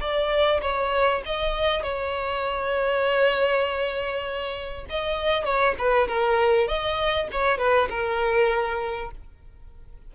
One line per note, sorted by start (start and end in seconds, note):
0.00 0.61 D5
0.61 1.22 C#5
1.25 1.82 D#5
1.82 4.85 C#5
4.89 5.44 D#5
5.44 5.75 C#5
5.78 6.08 B4
6.08 6.67 A#4
6.67 7.28 D#5
7.31 7.58 C#5
7.58 7.88 B4
7.89 9.10 A#4